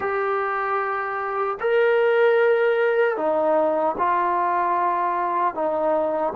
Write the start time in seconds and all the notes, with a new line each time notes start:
0.00 G4
1.60 A#4
3.17 D#4
3.98 F4
5.54 D#4